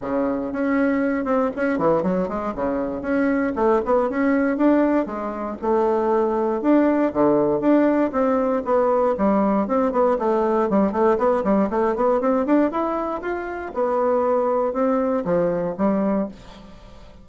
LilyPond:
\new Staff \with { instrumentName = "bassoon" } { \time 4/4 \tempo 4 = 118 cis4 cis'4. c'8 cis'8 e8 | fis8 gis8 cis4 cis'4 a8 b8 | cis'4 d'4 gis4 a4~ | a4 d'4 d4 d'4 |
c'4 b4 g4 c'8 b8 | a4 g8 a8 b8 g8 a8 b8 | c'8 d'8 e'4 f'4 b4~ | b4 c'4 f4 g4 | }